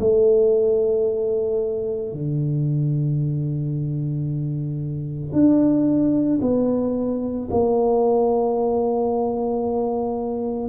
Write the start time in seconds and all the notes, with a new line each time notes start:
0.00 A3
2.13 D3
5.33 D4
6.41 B3
7.51 A#3